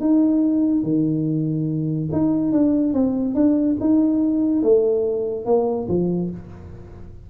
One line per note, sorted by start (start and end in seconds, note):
0.00 0.83 D#4
0.83 2.09 D#3
2.12 2.52 D#4
2.52 2.93 D4
2.93 3.35 C4
3.35 3.76 D4
3.80 4.62 D#4
4.62 5.45 A3
5.45 5.87 A#3
5.88 6.30 F3